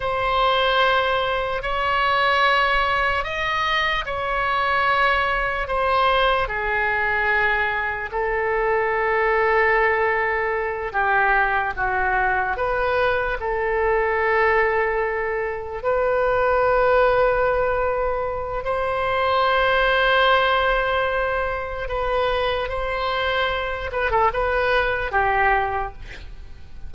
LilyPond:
\new Staff \with { instrumentName = "oboe" } { \time 4/4 \tempo 4 = 74 c''2 cis''2 | dis''4 cis''2 c''4 | gis'2 a'2~ | a'4. g'4 fis'4 b'8~ |
b'8 a'2. b'8~ | b'2. c''4~ | c''2. b'4 | c''4. b'16 a'16 b'4 g'4 | }